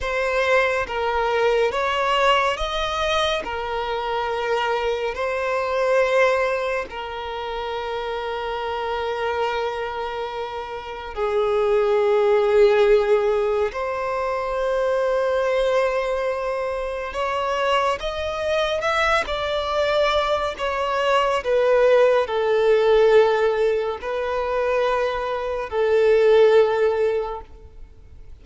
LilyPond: \new Staff \with { instrumentName = "violin" } { \time 4/4 \tempo 4 = 70 c''4 ais'4 cis''4 dis''4 | ais'2 c''2 | ais'1~ | ais'4 gis'2. |
c''1 | cis''4 dis''4 e''8 d''4. | cis''4 b'4 a'2 | b'2 a'2 | }